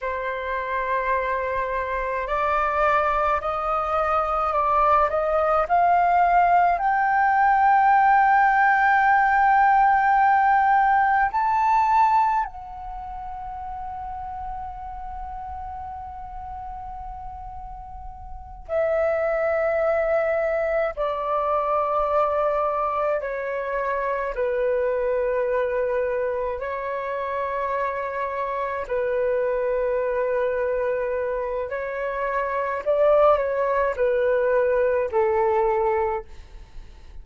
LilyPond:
\new Staff \with { instrumentName = "flute" } { \time 4/4 \tempo 4 = 53 c''2 d''4 dis''4 | d''8 dis''8 f''4 g''2~ | g''2 a''4 fis''4~ | fis''1~ |
fis''8 e''2 d''4.~ | d''8 cis''4 b'2 cis''8~ | cis''4. b'2~ b'8 | cis''4 d''8 cis''8 b'4 a'4 | }